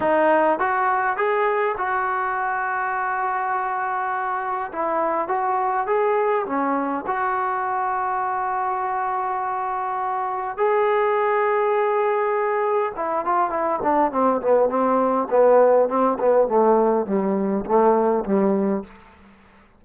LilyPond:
\new Staff \with { instrumentName = "trombone" } { \time 4/4 \tempo 4 = 102 dis'4 fis'4 gis'4 fis'4~ | fis'1 | e'4 fis'4 gis'4 cis'4 | fis'1~ |
fis'2 gis'2~ | gis'2 e'8 f'8 e'8 d'8 | c'8 b8 c'4 b4 c'8 b8 | a4 g4 a4 g4 | }